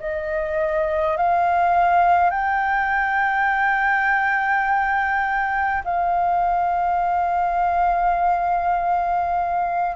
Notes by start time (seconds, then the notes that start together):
0.00 D#5
1.17 F5
2.30 G5
5.84 F5